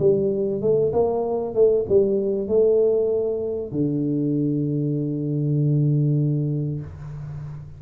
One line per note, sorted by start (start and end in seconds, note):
0.00 0.62 G3
0.62 0.93 A3
0.93 1.55 A#3
1.55 1.86 A3
1.89 2.48 G3
2.48 3.72 A3
3.72 6.81 D3